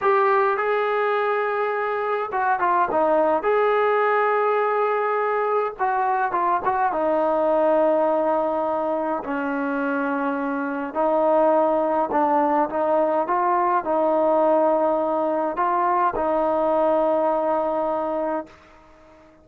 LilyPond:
\new Staff \with { instrumentName = "trombone" } { \time 4/4 \tempo 4 = 104 g'4 gis'2. | fis'8 f'8 dis'4 gis'2~ | gis'2 fis'4 f'8 fis'8 | dis'1 |
cis'2. dis'4~ | dis'4 d'4 dis'4 f'4 | dis'2. f'4 | dis'1 | }